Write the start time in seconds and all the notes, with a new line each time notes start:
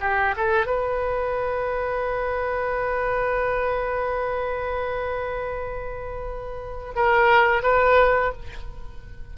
0.00 G4
0.36 A4
0.66 B4
6.95 A#4
7.62 B4